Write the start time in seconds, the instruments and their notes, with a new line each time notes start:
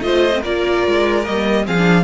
0.00 cello A3, viola F4, violin C5 D#5
0.33 viola C4
0.41 cello A#3, viola F4, violin A#4 D5
0.87 cello G#3
1.24 cello G3, viola A#3, violin D#5
1.66 cello F3, viola C4, violin G#4 F5
1.78 viola D4